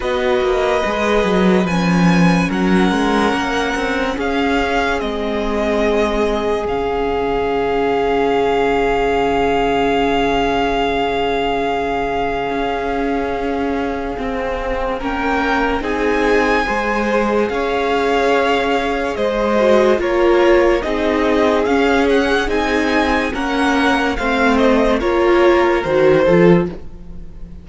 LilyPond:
<<
  \new Staff \with { instrumentName = "violin" } { \time 4/4 \tempo 4 = 72 dis''2 gis''4 fis''4~ | fis''4 f''4 dis''2 | f''1~ | f''1~ |
f''2 g''4 gis''4~ | gis''4 f''2 dis''4 | cis''4 dis''4 f''8 fis''8 gis''4 | fis''4 f''8 dis''8 cis''4 c''4 | }
  \new Staff \with { instrumentName = "violin" } { \time 4/4 b'2. ais'4~ | ais'4 gis'2.~ | gis'1~ | gis'1~ |
gis'2 ais'4 gis'4 | c''4 cis''2 c''4 | ais'4 gis'2. | ais'4 c''4 ais'4. a'8 | }
  \new Staff \with { instrumentName = "viola" } { \time 4/4 fis'4 gis'4 cis'2~ | cis'2 c'2 | cis'1~ | cis'1~ |
cis'4 c'4 cis'4 dis'4 | gis'2.~ gis'8 fis'8 | f'4 dis'4 cis'4 dis'4 | cis'4 c'4 f'4 fis'8 f'8 | }
  \new Staff \with { instrumentName = "cello" } { \time 4/4 b8 ais8 gis8 fis8 f4 fis8 gis8 | ais8 c'8 cis'4 gis2 | cis1~ | cis2. cis'4~ |
cis'4 c'4 ais4 c'4 | gis4 cis'2 gis4 | ais4 c'4 cis'4 c'4 | ais4 a4 ais4 dis8 f8 | }
>>